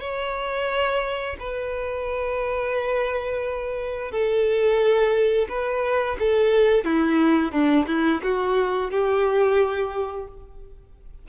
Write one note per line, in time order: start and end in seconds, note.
0.00 1.36 C#5
1.39 4.12 B4
4.12 5.48 A4
5.49 6.17 B4
6.19 6.84 A4
6.84 7.52 E4
7.52 7.86 D4
7.87 8.21 E4
8.23 8.91 F#4
8.91 10.27 G4